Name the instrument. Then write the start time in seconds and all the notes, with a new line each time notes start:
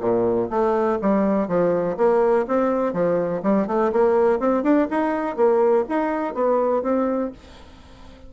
bassoon
0.00 A#2
0.50 A3
1.01 G3
1.48 F3
1.97 A#3
2.47 C4
2.93 F3
3.43 G3
3.67 A3
3.92 A#3
4.39 C4
4.63 D4
4.90 D#4
5.36 A#3
5.89 D#4
6.34 B3
6.82 C4